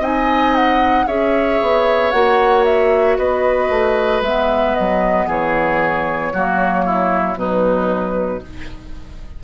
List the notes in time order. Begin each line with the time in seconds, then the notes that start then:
0.00 C4 D#4 D#5 G#5
0.55 F#5
1.07 C#4 G#4 C#5 E5
1.62 B3
2.12 A#3 F#4 F#5
2.65 E5
3.18 B3 B4 D#5
3.70 A3
4.21 G#3 B3 E5
4.75 F#3 D#5
5.27 E3 G#4 C#5
6.34 F#3 A#3 F#4
6.86 E4
7.36 B2 F#3 D#4 B4